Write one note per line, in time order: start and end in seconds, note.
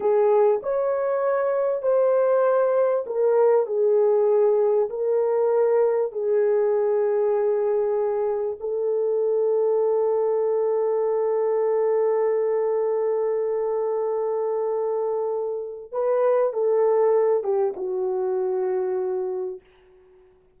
0.00 0.60 G#4
0.62 1.82 C#5
1.82 3.04 C5
3.06 3.66 A#4
3.66 4.89 G#4
4.89 6.12 A#4
6.12 8.57 G#4
8.59 15.92 A4
15.92 16.53 B4
16.53 17.43 A4
17.43 17.74 G4
17.76 19.60 F#4